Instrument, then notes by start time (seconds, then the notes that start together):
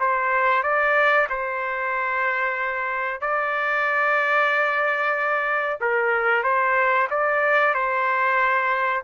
trumpet
0.00 C5
0.63 D5
1.30 C5
3.21 D5
5.81 A#4
6.44 C5
7.11 D5
7.74 C5